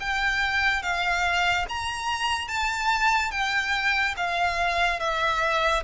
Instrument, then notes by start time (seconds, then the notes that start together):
violin
0.00 G5
0.83 F5
1.69 A#5
2.48 A5
3.31 G5
4.17 F5
5.00 E5